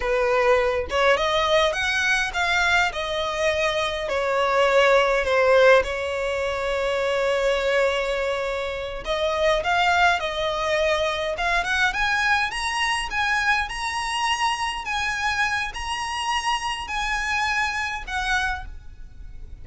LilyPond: \new Staff \with { instrumentName = "violin" } { \time 4/4 \tempo 4 = 103 b'4. cis''8 dis''4 fis''4 | f''4 dis''2 cis''4~ | cis''4 c''4 cis''2~ | cis''2.~ cis''8 dis''8~ |
dis''8 f''4 dis''2 f''8 | fis''8 gis''4 ais''4 gis''4 ais''8~ | ais''4. gis''4. ais''4~ | ais''4 gis''2 fis''4 | }